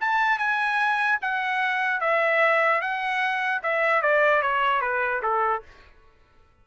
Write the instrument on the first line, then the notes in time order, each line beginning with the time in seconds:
trumpet
0.00 A5
0.38 G#5
1.21 F#5
2.00 E5
2.81 F#5
3.62 E5
4.02 D5
4.42 C#5
4.81 B4
5.22 A4